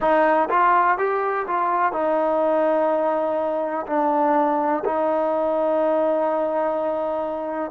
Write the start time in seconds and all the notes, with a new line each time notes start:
0.00 D#4
0.49 F4
0.98 G4
1.47 F4
1.92 D#4
3.87 D4
4.84 D#4